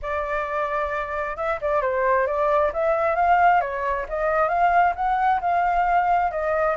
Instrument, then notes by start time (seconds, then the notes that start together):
flute
0.01 D5
1.36 E5
1.61 D5
1.81 C5
2.27 D5
2.73 E5
3.15 F5
3.60 C#5
4.08 D#5
4.48 F5
4.95 F#5
5.40 F5
6.31 D#5